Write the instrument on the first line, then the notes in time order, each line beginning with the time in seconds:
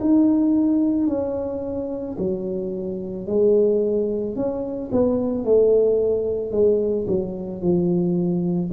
tuba
0.00 D#4
1.07 C#4
2.18 F#3
3.27 G#3
4.35 C#4
4.92 B3
5.44 A3
6.52 G#3
7.07 F#3
7.61 F3